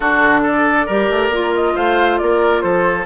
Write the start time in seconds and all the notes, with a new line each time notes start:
0.00 D3 D4 F#4 A4
0.43 A4 D5
0.86 G3 G4 A#4
1.10 A3
1.28 A#3 F4
1.54 D#5
1.75 A3 C5 F5
2.18 A#3 A#4 D5
2.61 F3 A4 C5